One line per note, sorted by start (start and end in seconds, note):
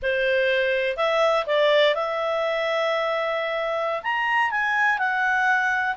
0.02 0.96 C5
0.96 1.45 E5
1.46 1.94 D5
1.94 4.02 E5
4.02 4.50 A#5
4.50 4.98 G#5
4.98 5.95 F#5